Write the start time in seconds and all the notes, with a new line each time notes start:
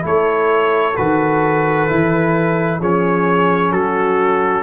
0.00 A3 E4
0.06 A4 C#5
0.97 D#3 F#4 B4
1.88 E3 E4
2.80 F3 C#4 G#4 C#5
3.71 F#3 F#4 A4